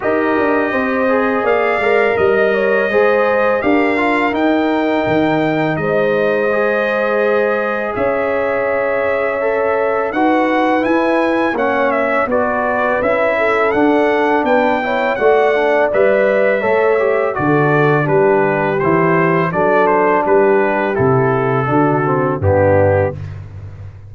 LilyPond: <<
  \new Staff \with { instrumentName = "trumpet" } { \time 4/4 \tempo 4 = 83 dis''2 f''4 dis''4~ | dis''4 f''4 g''2 | dis''2. e''4~ | e''2 fis''4 gis''4 |
fis''8 e''8 d''4 e''4 fis''4 | g''4 fis''4 e''2 | d''4 b'4 c''4 d''8 c''8 | b'4 a'2 g'4 | }
  \new Staff \with { instrumentName = "horn" } { \time 4/4 ais'4 c''4 d''4 dis''8 cis''8 | c''4 ais'2. | c''2. cis''4~ | cis''2 b'2 |
cis''4 b'4. a'4. | b'8 cis''8 d''2 cis''4 | a'4 g'2 a'4 | g'2 fis'4 d'4 | }
  \new Staff \with { instrumentName = "trombone" } { \time 4/4 g'4. gis'4 ais'4. | gis'4 g'8 f'8 dis'2~ | dis'4 gis'2.~ | gis'4 a'4 fis'4 e'4 |
cis'4 fis'4 e'4 d'4~ | d'8 e'8 fis'8 d'8 b'4 a'8 g'8 | fis'4 d'4 e'4 d'4~ | d'4 e'4 d'8 c'8 b4 | }
  \new Staff \with { instrumentName = "tuba" } { \time 4/4 dis'8 d'8 c'4 ais8 gis8 g4 | gis4 d'4 dis'4 dis4 | gis2. cis'4~ | cis'2 dis'4 e'4 |
ais4 b4 cis'4 d'4 | b4 a4 g4 a4 | d4 g4 e4 fis4 | g4 c4 d4 g,4 | }
>>